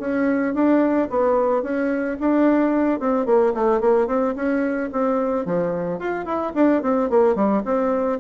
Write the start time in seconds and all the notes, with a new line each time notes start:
0.00 C#4
0.55 D4
1.10 B3
1.63 C#4
2.20 D4
3.00 C4
3.26 A#3
3.55 A3
3.81 A#3
4.08 C4
4.36 C#4
4.93 C4
5.46 F3
6.00 F4
6.26 E4
6.55 D4
6.83 C4
7.10 A#3
7.36 G3
7.65 C4